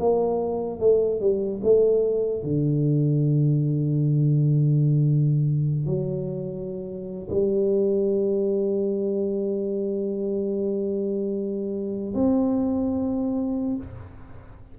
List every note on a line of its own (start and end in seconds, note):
0.00 0.80 A#3
0.80 1.21 A3
1.21 1.61 G3
1.64 2.44 A3
2.44 5.87 D3
5.87 7.29 F#3
7.31 12.15 G3
12.15 13.77 C4